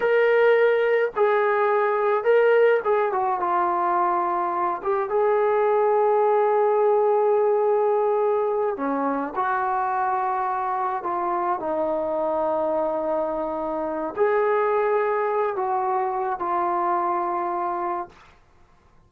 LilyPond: \new Staff \with { instrumentName = "trombone" } { \time 4/4 \tempo 4 = 106 ais'2 gis'2 | ais'4 gis'8 fis'8 f'2~ | f'8 g'8 gis'2.~ | gis'2.~ gis'8 cis'8~ |
cis'8 fis'2. f'8~ | f'8 dis'2.~ dis'8~ | dis'4 gis'2~ gis'8 fis'8~ | fis'4 f'2. | }